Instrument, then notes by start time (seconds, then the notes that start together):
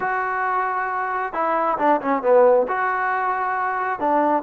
trombone
0.00 F#4
1.33 E4
1.78 D4
2.01 C#4
2.22 B3
2.67 F#4
3.99 D4